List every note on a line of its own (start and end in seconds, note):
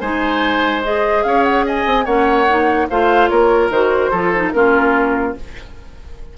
0.00 1.24 G#3
0.00 0.83 D#4
0.00 1.23 C5
0.00 0.82 G#5
0.83 2.05 G#4
0.83 1.23 D#5
1.23 1.85 C#4
1.23 1.65 C#5
1.23 1.44 F5
1.44 1.64 F#5
1.65 2.04 D#5
1.65 2.05 G#5
1.85 2.06 C4
2.04 2.88 A#3
2.04 2.46 C#4
2.04 2.87 C#5
2.04 2.87 F#5
2.48 2.89 D#4
2.89 3.30 A3
2.89 3.72 F4
2.89 3.30 C5
2.89 3.28 F5
3.28 3.69 A#3
3.28 4.11 A#4
3.28 3.69 C#5
3.69 4.10 D#3
3.69 4.13 F#4
3.69 4.51 C5
4.11 4.53 F3
4.11 4.33 F4
4.11 4.52 A4
4.35 4.54 D#4
4.51 5.36 A#3
4.51 5.36 C#4
4.51 5.37 F4
4.51 5.34 A#4